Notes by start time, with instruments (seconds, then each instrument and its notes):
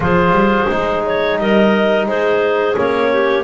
0.00 double bass F3, trombone F4, clarinet G#4 C5
0.30 double bass G3
0.68 double bass G#3, trombone D#4
1.06 clarinet C#5
1.38 double bass G3, clarinet A#4 D#5
2.06 double bass G#3, clarinet G#4 C5
2.74 double bass A#3, trombone C#4, clarinet C#5
3.11 clarinet G4